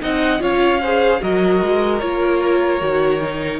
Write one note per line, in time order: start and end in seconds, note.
0.00 0.40 C4
0.00 0.39 D#4
0.00 0.41 D#5
0.00 0.42 F#5
0.39 1.20 C#4
0.39 0.79 F4
0.39 0.81 C#5
0.39 1.23 F5
0.81 1.21 G#4
0.81 1.21 C5
1.21 1.62 F#3
1.21 2.01 F#4
1.21 3.60 A#4
1.21 2.00 D#5
1.62 2.02 G#3
2.00 2.81 A#3
2.00 2.81 F4
2.00 3.60 C#5
2.81 3.60 D#3
2.81 3.21 F#4
3.21 3.60 D#4